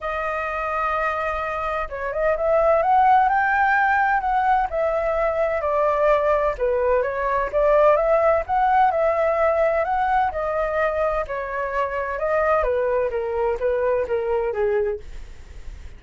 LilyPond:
\new Staff \with { instrumentName = "flute" } { \time 4/4 \tempo 4 = 128 dis''1 | cis''8 dis''8 e''4 fis''4 g''4~ | g''4 fis''4 e''2 | d''2 b'4 cis''4 |
d''4 e''4 fis''4 e''4~ | e''4 fis''4 dis''2 | cis''2 dis''4 b'4 | ais'4 b'4 ais'4 gis'4 | }